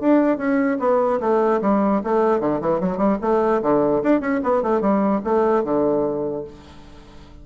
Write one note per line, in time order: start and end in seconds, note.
0.00 0.37 D4
0.37 0.78 C#4
0.79 1.20 B3
1.20 1.61 A3
1.61 2.02 G3
2.04 2.40 A3
2.40 2.60 D3
2.61 2.80 E3
2.80 2.97 F#3
2.97 3.17 G3
3.21 3.62 A3
3.62 4.02 D3
4.03 4.20 D4
4.20 4.41 C#4
4.43 4.62 B3
4.62 4.81 A3
4.81 5.21 G3
5.24 5.64 A3
5.64 6.44 D3